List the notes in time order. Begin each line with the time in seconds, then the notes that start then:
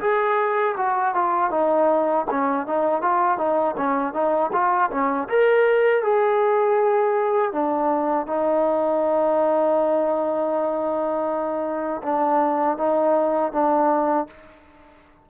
0.00 G#4
0.77 F#4
1.14 F4
1.50 D#4
2.30 C#4
2.66 D#4
3.01 F4
3.38 D#4
3.77 C#4
4.13 D#4
4.52 F4
4.90 C#4
5.28 A#4
6.02 G#4
7.52 D4
8.26 D#4
12.02 D4
12.77 D#4
13.52 D4